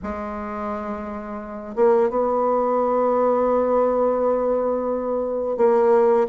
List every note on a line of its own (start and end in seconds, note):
0.02 1.75 G#3
1.75 2.09 A#3
2.09 5.57 B3
5.57 6.26 A#3